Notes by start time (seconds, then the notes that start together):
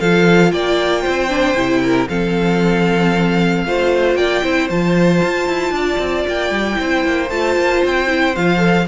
0.00 F3 F4 A4 F5
0.52 A#3 D5 G5
1.01 C5
1.08 C4
1.29 D4
1.54 C3 E4
1.83 A#4
2.09 F3 C4 A4 F5
3.65 A3 F4 C5
4.15 A#3 D5 G5
4.43 C4 E4 C5
4.70 F3 F4 A5
5.23 F4
5.48 E4
5.71 D4 D5
5.99 C4
6.28 A#3 G5
6.51 G3
6.74 E4 C5
6.81 C4
7.06 A#3
7.30 A3 F4 A5
7.56 A#3
7.85 C4 G5
8.07 E4
8.36 F3 F4 F5
8.58 A4